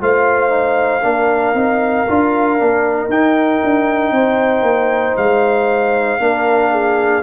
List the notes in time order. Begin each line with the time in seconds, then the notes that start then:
0.00 A3 F4 C5 F5
0.49 D#4
1.03 A#3 D4 A#4
1.54 C4 D#4
2.07 D4 F4
2.58 A#3 D4
3.08 D#4 G5
3.63 D4
4.11 C4 C5
4.62 A#3
5.16 G#3 F5
6.19 A#3 D4 A#4
6.71 G#4